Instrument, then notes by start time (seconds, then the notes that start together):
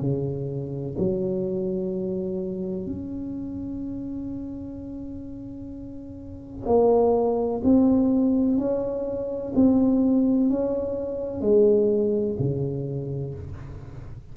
tuba
0.00 C#3
0.98 F#3
2.86 C#4
6.66 A#3
7.63 C4
8.58 C#4
9.55 C4
10.49 C#4
11.41 G#3
12.39 C#3